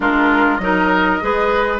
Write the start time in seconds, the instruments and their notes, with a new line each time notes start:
0.00 bassoon G#3, clarinet D4, oboe F4, flute A#4
0.57 bassoon F#3, clarinet D#4, oboe A#4, flute D#5
1.20 bassoon G#3, clarinet G#4, oboe B4